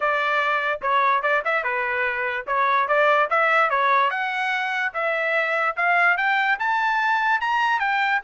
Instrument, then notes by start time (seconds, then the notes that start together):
trumpet
0.00 D5
0.81 C#5
1.22 D5
1.44 E5
1.63 B4
2.46 C#5
2.88 D5
3.30 E5
3.70 C#5
4.10 F#5
4.93 E5
5.76 F5
6.17 G5
6.59 A5
7.40 A#5
7.79 G5